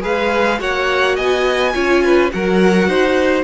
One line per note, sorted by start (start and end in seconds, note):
0.00 0.60 G#3
0.00 0.57 G#4
0.00 0.59 B4
0.00 0.61 F5
0.59 1.17 A#3
0.59 1.73 F#4
0.59 1.15 C#5
0.59 1.16 F#5
1.15 1.74 B3
1.15 1.72 D#5
1.15 2.31 G#5
1.73 2.32 C#4
1.73 2.30 F4
1.73 2.03 C#5
2.03 2.32 B4
2.31 2.88 F#3
2.31 3.43 F#4
2.31 2.87 A#4
2.31 3.43 F#5
2.87 3.43 D#4
2.87 3.43 C5